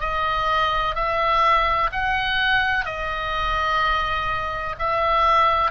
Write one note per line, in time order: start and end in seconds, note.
0.00 0.95 D#5
0.95 1.90 E5
1.92 2.85 F#5
2.85 4.75 D#5
4.79 5.71 E5